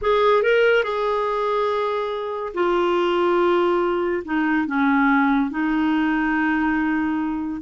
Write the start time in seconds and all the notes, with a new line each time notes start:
0.01 G#4
0.42 A#4
0.83 G#4
2.54 F4
4.24 D#4
4.67 C#4
5.50 D#4